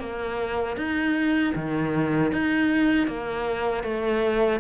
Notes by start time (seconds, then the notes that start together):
0.00 A#3
0.77 D#4
1.55 D#3
2.32 D#4
3.07 A#3
3.84 A3